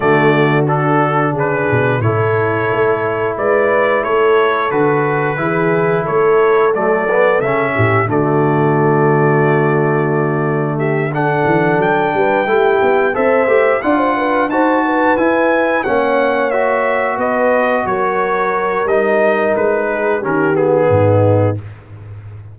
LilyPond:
<<
  \new Staff \with { instrumentName = "trumpet" } { \time 4/4 \tempo 4 = 89 d''4 a'4 b'4 cis''4~ | cis''4 d''4 cis''4 b'4~ | b'4 cis''4 d''4 e''4 | d''1 |
e''8 fis''4 g''2 e''8~ | e''8 fis''4 a''4 gis''4 fis''8~ | fis''8 e''4 dis''4 cis''4. | dis''4 b'4 ais'8 gis'4. | }
  \new Staff \with { instrumentName = "horn" } { \time 4/4 fis'2 gis'4 a'4~ | a'4 b'4 a'2 | gis'4 a'2~ a'8 g'8 | fis'1 |
g'8 a'4. b'8 g'4 c''8~ | c''8 d''16 c''16 b'8 c''8 b'4. cis''8~ | cis''4. b'4 ais'4.~ | ais'4. gis'8 g'4 dis'4 | }
  \new Staff \with { instrumentName = "trombone" } { \time 4/4 a4 d'2 e'4~ | e'2. fis'4 | e'2 a8 b8 cis'4 | a1~ |
a8 d'2 e'4 a'8 | g'8 f'4 fis'4 e'4 cis'8~ | cis'8 fis'2.~ fis'8 | dis'2 cis'8 b4. | }
  \new Staff \with { instrumentName = "tuba" } { \time 4/4 d2 cis8 b,8 a,4 | a4 gis4 a4 d4 | e4 a4 fis4 cis8 a,8 | d1~ |
d4 e8 fis8 g8 a8 b8 c'8 | a8 d'4 dis'4 e'4 ais8~ | ais4. b4 fis4. | g4 gis4 dis4 gis,4 | }
>>